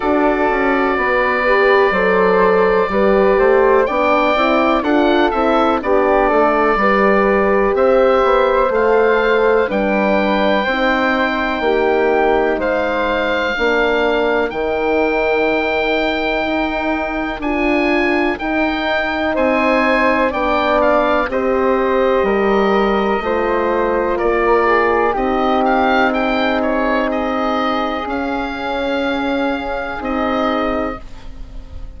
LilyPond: <<
  \new Staff \with { instrumentName = "oboe" } { \time 4/4 \tempo 4 = 62 d''1 | g''4 fis''8 e''8 d''2 | e''4 f''4 g''2~ | g''4 f''2 g''4~ |
g''2 gis''4 g''4 | gis''4 g''8 f''8 dis''2~ | dis''4 d''4 dis''8 f''8 g''8 cis''8 | dis''4 f''2 dis''4 | }
  \new Staff \with { instrumentName = "flute" } { \time 4/4 a'4 b'4 c''4 b'8 c''8 | d''4 a'4 g'8 a'8 b'4 | c''2 b'4 c''4 | g'4 c''4 ais'2~ |
ais'1 | c''4 d''4 c''4 ais'4 | c''4 ais'8 gis'8 g'4 gis'4~ | gis'1 | }
  \new Staff \with { instrumentName = "horn" } { \time 4/4 fis'4. g'8 a'4 g'4 | d'8 e'8 f'8 e'8 d'4 g'4~ | g'4 a'4 d'4 dis'4~ | dis'2 d'4 dis'4~ |
dis'2 f'4 dis'4~ | dis'4 d'4 g'2 | f'2 dis'2~ | dis'4 cis'2 dis'4 | }
  \new Staff \with { instrumentName = "bassoon" } { \time 4/4 d'8 cis'8 b4 fis4 g8 a8 | b8 c'8 d'8 c'8 b8 a8 g4 | c'8 b8 a4 g4 c'4 | ais4 gis4 ais4 dis4~ |
dis4 dis'4 d'4 dis'4 | c'4 b4 c'4 g4 | a4 ais4 c'2~ | c'4 cis'2 c'4 | }
>>